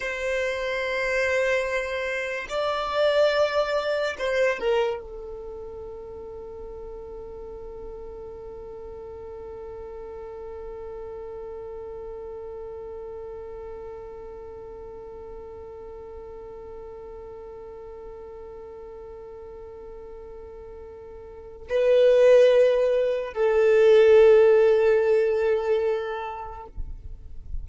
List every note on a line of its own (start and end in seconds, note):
0.00 2.46 C5
2.49 4.16 D5
4.18 4.59 C5
4.59 5.00 A#4
5.00 21.67 A4
21.69 23.33 B4
23.33 26.67 A4